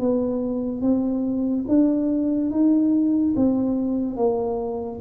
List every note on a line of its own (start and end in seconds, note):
0.00 0.82 B3
0.82 1.65 C4
1.69 2.51 D4
2.51 3.34 D#4
3.36 4.17 C4
4.17 5.00 A#3